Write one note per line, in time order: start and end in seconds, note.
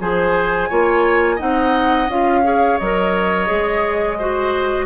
0.00 0.70 F3
0.00 0.70 G#4
0.00 0.69 C5
0.00 1.40 G#5
0.69 1.40 A#3
0.69 1.38 F4
0.69 1.35 C#5
1.35 2.08 C4
1.35 2.08 D#4
1.35 2.40 D#5
1.35 2.09 F#5
2.08 2.78 C#4
2.08 2.44 F4
2.08 2.78 F5
2.44 2.79 G#4
2.44 4.18 C#5
2.78 3.50 F#3
2.78 3.47 A#4
2.78 4.86 D#5
3.47 4.86 G#3
3.47 4.16 G#4
4.18 4.86 F#4
4.18 4.86 C5